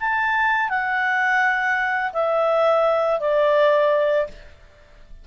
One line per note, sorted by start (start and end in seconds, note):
0.00 0.69 A5
0.69 2.12 F#5
2.13 3.20 E5
3.20 4.27 D5